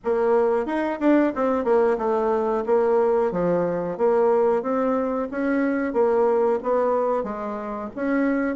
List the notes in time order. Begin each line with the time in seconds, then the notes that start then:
0.04 A#3
0.66 D#4
1.00 D4
1.35 C4
1.64 A#3
1.98 A3
2.66 A#3
3.31 F3
3.97 A#3
4.62 C4
5.31 C#4
5.93 A#3
6.63 B3
7.23 G#3
7.95 C#4